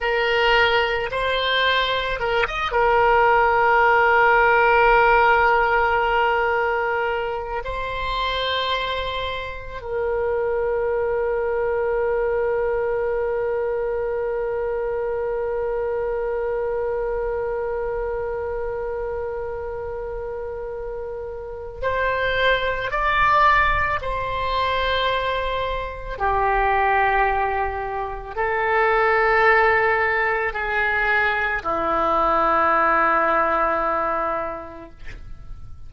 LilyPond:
\new Staff \with { instrumentName = "oboe" } { \time 4/4 \tempo 4 = 55 ais'4 c''4 ais'16 dis''16 ais'4.~ | ais'2. c''4~ | c''4 ais'2.~ | ais'1~ |
ais'1 | c''4 d''4 c''2 | g'2 a'2 | gis'4 e'2. | }